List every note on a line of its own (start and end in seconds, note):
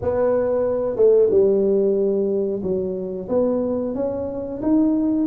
0.01 0.96 B3
0.96 1.29 A3
1.30 2.62 G3
2.62 3.28 F#3
3.28 3.94 B3
3.94 4.60 C#4
4.62 5.27 D#4